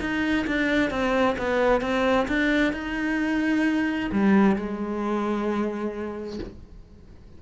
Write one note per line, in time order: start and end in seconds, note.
0.00 0.46 D#4
0.47 0.90 D4
0.90 1.36 C4
1.38 1.81 B3
1.81 2.27 C4
2.28 2.73 D4
2.73 4.10 D#4
4.11 4.56 G3
4.56 6.39 G#3